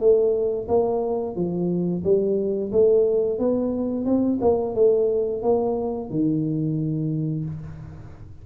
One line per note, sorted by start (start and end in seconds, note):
0.00 0.67 A3
0.68 1.35 A#3
1.36 2.03 F3
2.04 2.72 G3
2.72 3.39 A3
3.39 4.05 B3
4.05 4.39 C4
4.41 4.75 A#3
4.75 5.42 A3
5.42 6.10 A#3
6.10 7.45 D#3